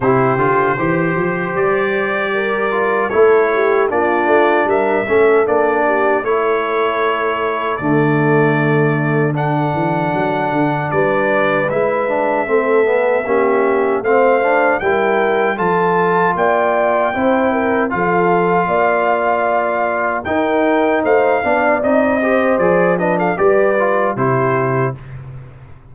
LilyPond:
<<
  \new Staff \with { instrumentName = "trumpet" } { \time 4/4 \tempo 4 = 77 c''2 d''2 | cis''4 d''4 e''4 d''4 | cis''2 d''2 | fis''2 d''4 e''4~ |
e''2 f''4 g''4 | a''4 g''2 f''4~ | f''2 g''4 f''4 | dis''4 d''8 dis''16 f''16 d''4 c''4 | }
  \new Staff \with { instrumentName = "horn" } { \time 4/4 g'4 c''2 ais'4 | a'8 g'8 f'4 ais'8 a'4 g'8 | a'1~ | a'2 b'2 |
a'4 g'4 c''4 ais'4 | a'4 d''4 c''8 ais'8 a'4 | d''2 ais'4 c''8 d''8~ | d''8 c''4 b'16 a'16 b'4 g'4 | }
  \new Staff \with { instrumentName = "trombone" } { \time 4/4 e'8 f'8 g'2~ g'8 f'8 | e'4 d'4. cis'8 d'4 | e'2 a2 | d'2. e'8 d'8 |
c'8 b8 cis'4 c'8 d'8 e'4 | f'2 e'4 f'4~ | f'2 dis'4. d'8 | dis'8 g'8 gis'8 d'8 g'8 f'8 e'4 | }
  \new Staff \with { instrumentName = "tuba" } { \time 4/4 c8 d8 e8 f8 g2 | a4 ais8 a8 g8 a8 ais4 | a2 d2~ | d8 e8 fis8 d8 g4 gis4 |
a4 ais4 a4 g4 | f4 ais4 c'4 f4 | ais2 dis'4 a8 b8 | c'4 f4 g4 c4 | }
>>